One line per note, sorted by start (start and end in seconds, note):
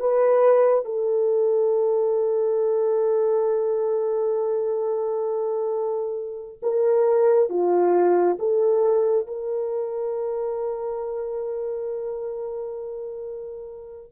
0.00 0.85 B4
0.85 6.59 A4
6.63 7.49 A#4
7.49 8.37 F4
8.39 9.27 A4
9.27 14.12 A#4